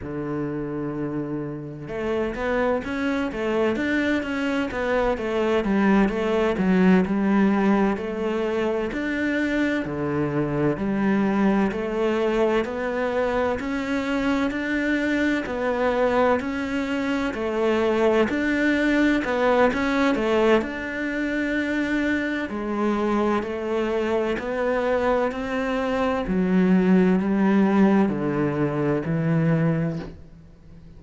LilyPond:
\new Staff \with { instrumentName = "cello" } { \time 4/4 \tempo 4 = 64 d2 a8 b8 cis'8 a8 | d'8 cis'8 b8 a8 g8 a8 fis8 g8~ | g8 a4 d'4 d4 g8~ | g8 a4 b4 cis'4 d'8~ |
d'8 b4 cis'4 a4 d'8~ | d'8 b8 cis'8 a8 d'2 | gis4 a4 b4 c'4 | fis4 g4 d4 e4 | }